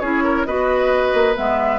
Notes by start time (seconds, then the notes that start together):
0.00 C#4 E4 G#4 C#5
0.24 A#4
0.45 B3 F#4 B4 D#5
1.14 A#3
1.35 G#3 B3 E5